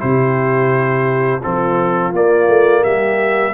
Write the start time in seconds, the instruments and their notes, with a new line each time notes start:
0.00 tuba C3, trombone E4, horn G4, trumpet C5
1.40 tuba F3, trombone C4, horn F4, trumpet A4
2.12 tuba A#3, trombone A#3, trumpet D5
2.48 tuba A3
2.81 tuba G3, horn G4, trumpet E5